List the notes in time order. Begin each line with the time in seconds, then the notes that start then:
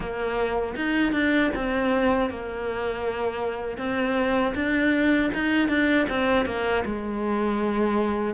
0.00 A#3
0.76 D#4
1.12 D4
1.55 C4
2.30 A#3
3.77 C4
4.55 D4
5.34 D#4
5.68 D4
6.09 C4
6.45 A#3
6.85 G#3